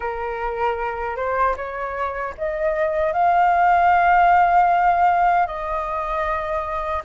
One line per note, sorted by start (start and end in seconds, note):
0.00 1.16 A#4
1.16 1.55 C5
1.56 2.34 C#5
2.37 3.12 D#5
3.12 5.46 F5
5.47 7.02 D#5